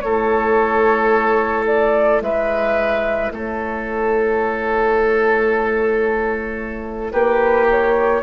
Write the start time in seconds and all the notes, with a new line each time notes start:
0.00 A3 E4 A4 C#5
1.67 D5
2.20 G#3 B4 E5
3.31 A3 A4 C#5
7.11 A#3 G4 B4
7.70 C#5